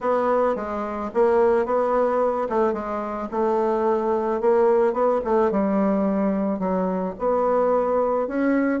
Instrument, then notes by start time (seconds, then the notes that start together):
bassoon
0.00 B3
0.55 G#3
1.13 A#3
1.65 B3
2.49 A3
2.73 G#3
3.31 A3
4.41 A#3
4.93 B3
5.24 A3
5.51 G3
6.59 F#3
7.18 B3
8.27 C#4